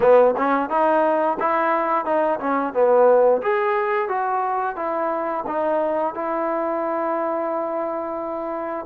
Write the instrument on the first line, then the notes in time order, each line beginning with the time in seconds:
trombone
0.00 B3
0.37 C#4
0.69 D#4
1.39 E4
2.05 D#4
2.39 C#4
2.73 B3
3.42 G#4
4.08 F#4
4.76 E4
5.46 D#4
6.14 E4